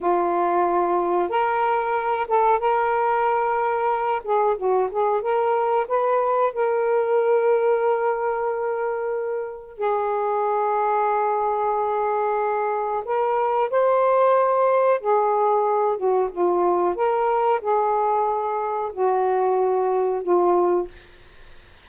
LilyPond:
\new Staff \with { instrumentName = "saxophone" } { \time 4/4 \tempo 4 = 92 f'2 ais'4. a'8 | ais'2~ ais'8 gis'8 fis'8 gis'8 | ais'4 b'4 ais'2~ | ais'2. gis'4~ |
gis'1 | ais'4 c''2 gis'4~ | gis'8 fis'8 f'4 ais'4 gis'4~ | gis'4 fis'2 f'4 | }